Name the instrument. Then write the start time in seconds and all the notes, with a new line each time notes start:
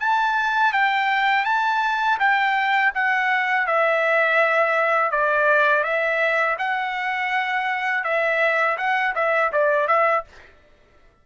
trumpet
0.00 A5
0.73 G5
1.45 A5
2.20 G5
2.95 F#5
3.67 E5
5.12 D5
5.84 E5
6.59 F#5
8.04 E5
8.78 F#5
9.16 E5
9.53 D5
9.88 E5